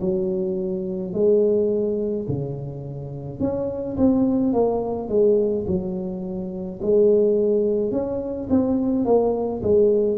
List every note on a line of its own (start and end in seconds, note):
0.00 1.13 F#3
1.13 2.26 G#3
2.28 3.40 C#3
3.40 3.96 C#4
3.97 4.53 C4
4.53 5.08 A#3
5.08 5.65 G#3
5.67 6.80 F#3
6.82 7.91 G#3
7.91 8.48 C#4
8.50 9.05 C4
9.05 9.61 A#3
9.62 10.17 G#3